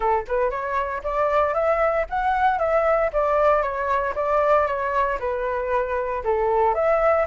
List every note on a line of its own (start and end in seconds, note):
0.00 0.25 A4
0.27 0.50 B4
0.50 1.02 C#5
1.03 1.54 D5
1.54 2.05 E5
2.09 2.58 F#5
2.58 3.10 E5
3.12 3.62 D5
3.62 4.14 C#5
4.15 4.66 D5
4.66 5.18 C#5
5.19 6.23 B4
6.24 6.74 A4
6.74 7.26 E5